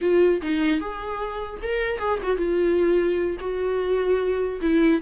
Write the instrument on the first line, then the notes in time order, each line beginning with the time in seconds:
viola
0.01 F4
0.42 D#4
0.80 G#4
1.62 A#4
1.98 G#4
2.22 F#4
2.37 F4
3.39 F#4
4.61 E4